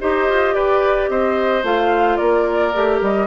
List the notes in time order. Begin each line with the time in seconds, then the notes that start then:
0.00 D#4 G4 C5 D#5
0.29 F4
0.54 G4 B4 D5
1.09 C4 C5 D#5
1.63 A3 F4 F5
2.17 A#3 A#4 D5
2.74 A3 G4
3.01 G3 D#5